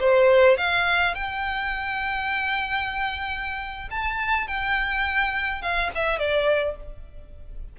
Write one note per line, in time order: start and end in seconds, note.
0.00 0.57 C5
0.57 1.15 F5
1.15 3.89 G5
3.90 4.47 A5
4.47 5.62 G5
5.62 5.91 F5
5.95 6.19 E5
6.19 6.77 D5